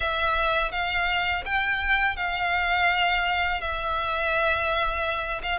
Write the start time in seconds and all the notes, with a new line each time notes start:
0.00 E5
0.71 F5
1.45 G5
2.16 F5
3.60 E5
5.42 F5